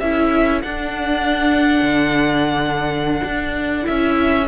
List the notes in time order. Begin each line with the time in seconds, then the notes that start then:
0.00 C#4 E4 A4 E5
0.62 D4 F#5
1.82 D3
3.24 D4
3.82 E4 E5
3.89 C#4